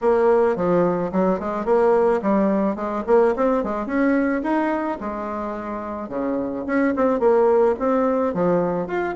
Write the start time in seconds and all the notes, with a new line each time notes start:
0.01 A#3
0.56 F3
1.11 F#3
1.39 G#3
1.65 A#3
2.22 G3
2.75 G#3
3.07 A#3
3.35 C4
3.63 G#3
3.86 C#4
4.42 D#4
5.00 G#3
6.08 C#3
6.66 C#4
6.95 C4
7.19 A#3
7.79 C4
8.34 F3
8.87 F4